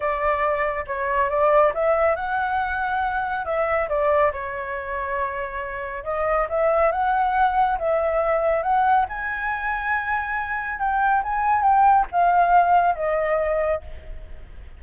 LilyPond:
\new Staff \with { instrumentName = "flute" } { \time 4/4 \tempo 4 = 139 d''2 cis''4 d''4 | e''4 fis''2. | e''4 d''4 cis''2~ | cis''2 dis''4 e''4 |
fis''2 e''2 | fis''4 gis''2.~ | gis''4 g''4 gis''4 g''4 | f''2 dis''2 | }